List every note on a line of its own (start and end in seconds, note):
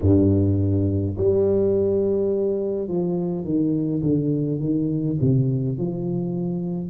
0.01 1.16 G2
1.17 2.87 G3
2.87 3.44 F3
3.44 4.02 D#3
4.02 4.59 D3
4.59 5.17 D#3
5.20 5.77 C3
5.77 6.90 F3